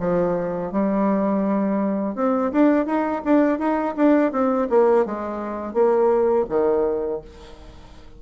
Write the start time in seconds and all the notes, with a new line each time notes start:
0.00 F3
0.72 G3
2.16 C4
2.52 D4
2.86 D#4
3.24 D4
3.59 D#4
3.97 D4
4.32 C4
4.70 A#3
5.06 G#3
5.74 A#3
6.49 D#3